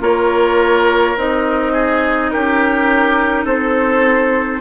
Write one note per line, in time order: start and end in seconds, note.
0.00 1.16 A#3
0.00 1.15 F4
0.00 1.72 A#4
0.00 1.17 C#5
1.16 2.32 C4
1.16 4.60 D#4
1.16 2.30 D#5
1.72 2.30 G#4
2.30 3.45 C#4
2.30 3.44 G4
2.30 3.46 A#4
3.44 4.60 C4
3.44 4.60 A4
3.44 4.60 C5